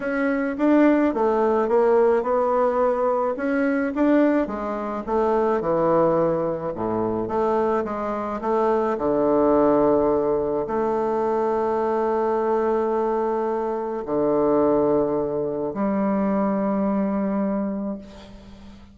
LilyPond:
\new Staff \with { instrumentName = "bassoon" } { \time 4/4 \tempo 4 = 107 cis'4 d'4 a4 ais4 | b2 cis'4 d'4 | gis4 a4 e2 | a,4 a4 gis4 a4 |
d2. a4~ | a1~ | a4 d2. | g1 | }